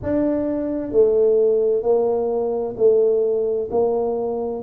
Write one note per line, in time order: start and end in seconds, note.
0.03 0.91 D4
0.91 1.82 A3
1.82 2.74 A#3
2.77 3.69 A3
3.70 4.62 A#3